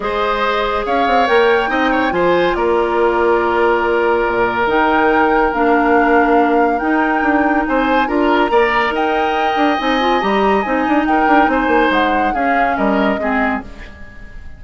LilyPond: <<
  \new Staff \with { instrumentName = "flute" } { \time 4/4 \tempo 4 = 141 dis''2 f''4 g''4~ | g''4 gis''4 d''2~ | d''2. g''4~ | g''4 f''2. |
g''2 gis''4 ais''4~ | ais''4 g''2 gis''4 | ais''4 gis''4 g''4 gis''4 | fis''4 f''4 dis''2 | }
  \new Staff \with { instrumentName = "oboe" } { \time 4/4 c''2 cis''2 | dis''8 cis''8 c''4 ais'2~ | ais'1~ | ais'1~ |
ais'2 c''4 ais'4 | d''4 dis''2.~ | dis''2 ais'4 c''4~ | c''4 gis'4 ais'4 gis'4 | }
  \new Staff \with { instrumentName = "clarinet" } { \time 4/4 gis'2. ais'4 | dis'4 f'2.~ | f'2. dis'4~ | dis'4 d'2. |
dis'2. f'4 | ais'2. dis'8 f'8 | g'4 dis'2.~ | dis'4 cis'2 c'4 | }
  \new Staff \with { instrumentName = "bassoon" } { \time 4/4 gis2 cis'8 c'8 ais4 | c'4 f4 ais2~ | ais2 ais,4 dis4~ | dis4 ais2. |
dis'4 d'4 c'4 d'4 | ais4 dis'4. d'8 c'4 | g4 c'8 d'8 dis'8 d'8 c'8 ais8 | gis4 cis'4 g4 gis4 | }
>>